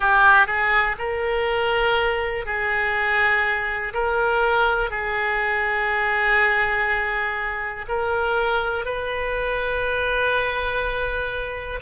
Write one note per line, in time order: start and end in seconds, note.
0.00 0.46 G4
0.46 0.96 G#4
0.98 2.45 A#4
2.45 3.93 G#4
3.93 4.90 A#4
4.90 7.85 G#4
7.88 8.85 A#4
8.85 11.80 B4